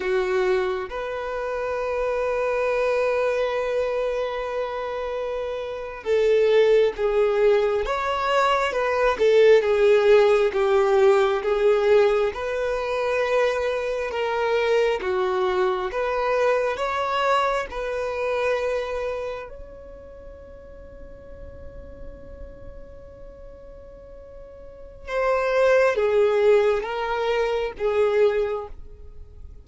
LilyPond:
\new Staff \with { instrumentName = "violin" } { \time 4/4 \tempo 4 = 67 fis'4 b'2.~ | b'2~ b'8. a'4 gis'16~ | gis'8. cis''4 b'8 a'8 gis'4 g'16~ | g'8. gis'4 b'2 ais'16~ |
ais'8. fis'4 b'4 cis''4 b'16~ | b'4.~ b'16 cis''2~ cis''16~ | cis''1 | c''4 gis'4 ais'4 gis'4 | }